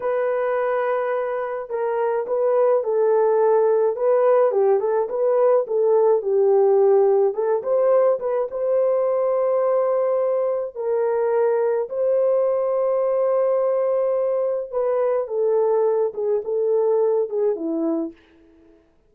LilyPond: \new Staff \with { instrumentName = "horn" } { \time 4/4 \tempo 4 = 106 b'2. ais'4 | b'4 a'2 b'4 | g'8 a'8 b'4 a'4 g'4~ | g'4 a'8 c''4 b'8 c''4~ |
c''2. ais'4~ | ais'4 c''2.~ | c''2 b'4 a'4~ | a'8 gis'8 a'4. gis'8 e'4 | }